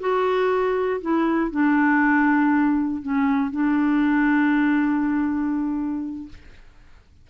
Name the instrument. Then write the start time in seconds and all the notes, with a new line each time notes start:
clarinet
0.00 F#4
1.02 E4
1.51 D4
3.02 C#4
3.52 D4